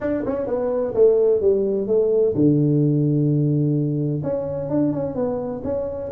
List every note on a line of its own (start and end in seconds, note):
0.00 0.24 D4
0.26 0.47 C#4
0.47 0.94 B3
0.94 1.40 A3
1.40 1.87 G3
1.87 2.34 A3
2.34 4.22 D3
4.23 4.69 C#4
4.69 4.93 D4
4.93 5.15 C#4
5.15 5.62 B3
5.64 6.11 C#4